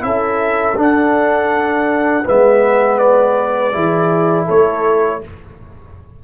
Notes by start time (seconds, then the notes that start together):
0.00 C#4 E4 A4 E5
0.76 D4 F#5
2.25 G#3 B3 B4 E5
2.98 D5
3.73 E3 E4 G#4
4.46 A3 A4 C#5